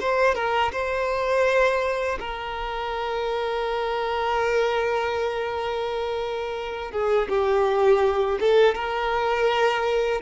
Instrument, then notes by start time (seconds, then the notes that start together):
violin
0.00 C5
0.35 A#4
0.72 C5
2.20 A#4
6.91 G#4
7.29 G4
8.40 A4
8.75 A#4